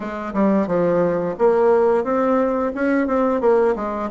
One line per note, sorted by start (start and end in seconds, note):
0.00 0.33 G#3
0.33 0.67 G3
0.67 1.35 F3
1.38 2.03 A#3
2.03 2.71 C4
2.75 3.07 C#4
3.07 3.40 C4
3.40 3.74 A#3
3.75 4.09 G#3